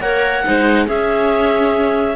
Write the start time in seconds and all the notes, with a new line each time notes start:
0.00 A#3 A#4 C#5 F#5
0.44 G#3 D#4 C5
0.86 C#4 G#4 E5